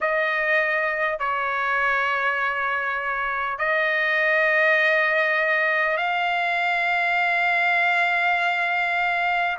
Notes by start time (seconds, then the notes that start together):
0.01 D#5
1.19 C#5
3.58 D#5
5.97 F5